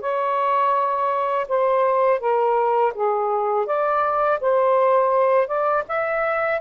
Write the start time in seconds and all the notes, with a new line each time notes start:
0.00 C#5
1.48 C5
2.20 A#4
2.94 G#4
3.66 D5
4.40 C5
5.47 D5
5.88 E5